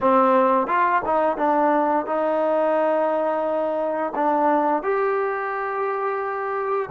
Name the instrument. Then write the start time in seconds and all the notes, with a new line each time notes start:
trombone
0.01 C4
0.67 F4
1.05 D#4
1.37 D4
2.06 D#4
4.15 D4
4.82 G4